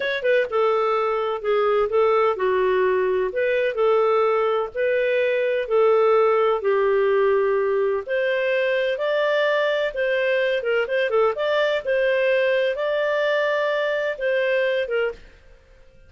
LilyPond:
\new Staff \with { instrumentName = "clarinet" } { \time 4/4 \tempo 4 = 127 cis''8 b'8 a'2 gis'4 | a'4 fis'2 b'4 | a'2 b'2 | a'2 g'2~ |
g'4 c''2 d''4~ | d''4 c''4. ais'8 c''8 a'8 | d''4 c''2 d''4~ | d''2 c''4. ais'8 | }